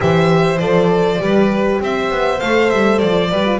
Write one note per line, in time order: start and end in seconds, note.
0.00 0.59 E3
0.00 0.60 G4
0.00 1.21 C5
0.00 0.58 E5
0.58 1.19 F3
0.58 1.19 A4
0.58 1.78 D5
1.19 1.80 G3
1.19 2.39 G4
1.19 1.81 B4
1.80 2.10 C4
1.80 3.30 C5
1.80 2.40 E5
2.10 2.40 B3
2.40 2.71 A3
2.40 3.30 A4
2.40 2.70 F5
2.70 3.02 G3
2.70 2.98 E5
2.98 3.31 F3
2.98 3.58 D5
3.30 3.60 G3
3.30 3.45 G4
3.30 3.60 B4
3.45 3.60 F4